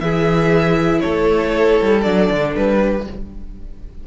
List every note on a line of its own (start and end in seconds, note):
0.00 1.01 E3
0.00 2.03 E4
0.00 1.02 G#4
0.00 1.00 E5
1.00 1.81 A3
1.00 2.78 A4
1.00 2.01 C#5
1.81 2.05 G3
2.02 2.30 F#3
2.02 3.04 D4
2.02 2.52 D5
2.30 2.55 D3
2.56 3.07 G3
2.56 3.06 B4
2.78 3.03 G4